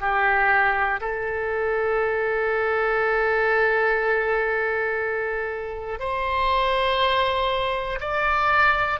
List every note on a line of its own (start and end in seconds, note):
0.00 1.00 G4
1.00 5.99 A4
5.99 7.99 C5
8.00 9.00 D5